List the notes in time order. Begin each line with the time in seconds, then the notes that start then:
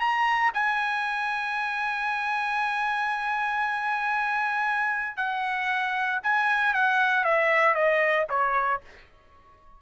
0.00 A#5
0.54 G#5
5.17 F#5
6.23 G#5
6.74 F#5
7.24 E5
7.75 D#5
8.29 C#5